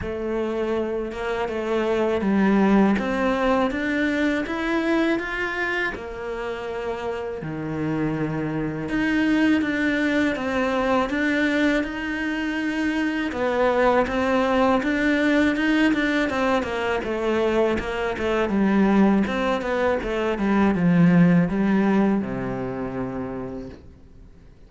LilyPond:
\new Staff \with { instrumentName = "cello" } { \time 4/4 \tempo 4 = 81 a4. ais8 a4 g4 | c'4 d'4 e'4 f'4 | ais2 dis2 | dis'4 d'4 c'4 d'4 |
dis'2 b4 c'4 | d'4 dis'8 d'8 c'8 ais8 a4 | ais8 a8 g4 c'8 b8 a8 g8 | f4 g4 c2 | }